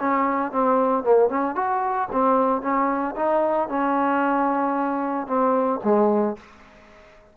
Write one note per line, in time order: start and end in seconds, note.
0.00 0.52 C#4
0.52 1.04 C4
1.04 1.29 A#3
1.29 1.55 C#4
1.55 2.09 F#4
2.12 2.62 C4
2.62 3.15 C#4
3.16 3.69 D#4
3.69 5.27 C#4
5.27 5.80 C4
5.84 6.37 G#3